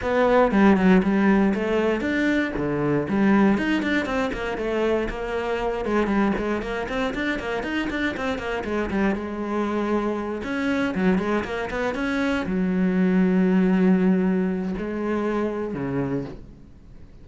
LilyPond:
\new Staff \with { instrumentName = "cello" } { \time 4/4 \tempo 4 = 118 b4 g8 fis8 g4 a4 | d'4 d4 g4 dis'8 d'8 | c'8 ais8 a4 ais4. gis8 | g8 gis8 ais8 c'8 d'8 ais8 dis'8 d'8 |
c'8 ais8 gis8 g8 gis2~ | gis8 cis'4 fis8 gis8 ais8 b8 cis'8~ | cis'8 fis2.~ fis8~ | fis4 gis2 cis4 | }